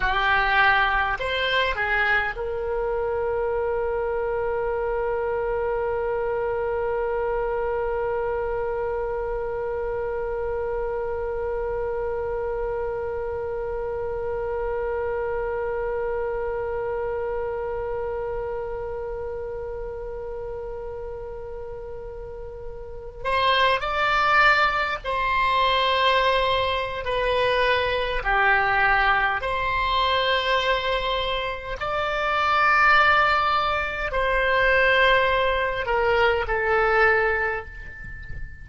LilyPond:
\new Staff \with { instrumentName = "oboe" } { \time 4/4 \tempo 4 = 51 g'4 c''8 gis'8 ais'2~ | ais'1~ | ais'1~ | ais'1~ |
ais'2.~ ais'8. c''16~ | c''16 d''4 c''4.~ c''16 b'4 | g'4 c''2 d''4~ | d''4 c''4. ais'8 a'4 | }